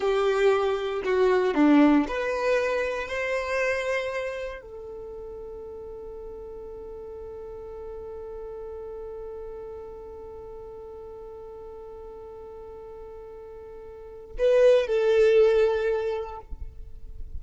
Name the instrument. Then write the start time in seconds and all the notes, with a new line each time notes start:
violin
0.00 G4
1.04 F#4
1.54 D4
2.08 B4
3.07 C5
4.61 A4
14.38 B4
14.86 A4